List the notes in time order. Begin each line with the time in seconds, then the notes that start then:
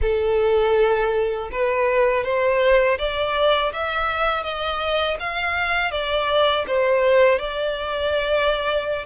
0.01 A4
1.52 B4
2.24 C5
2.98 D5
3.72 E5
4.43 D#5
5.19 F5
5.91 D5
6.67 C5
7.39 D5